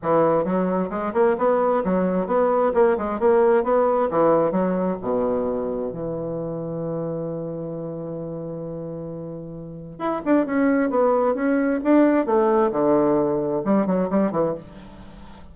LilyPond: \new Staff \with { instrumentName = "bassoon" } { \time 4/4 \tempo 4 = 132 e4 fis4 gis8 ais8 b4 | fis4 b4 ais8 gis8 ais4 | b4 e4 fis4 b,4~ | b,4 e2.~ |
e1~ | e2 e'8 d'8 cis'4 | b4 cis'4 d'4 a4 | d2 g8 fis8 g8 e8 | }